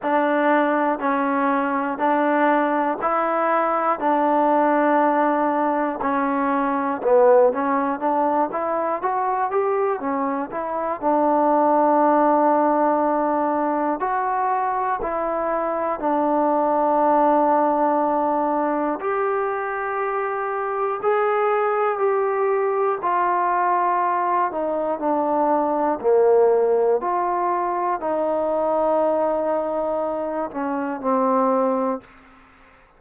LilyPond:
\new Staff \with { instrumentName = "trombone" } { \time 4/4 \tempo 4 = 60 d'4 cis'4 d'4 e'4 | d'2 cis'4 b8 cis'8 | d'8 e'8 fis'8 g'8 cis'8 e'8 d'4~ | d'2 fis'4 e'4 |
d'2. g'4~ | g'4 gis'4 g'4 f'4~ | f'8 dis'8 d'4 ais4 f'4 | dis'2~ dis'8 cis'8 c'4 | }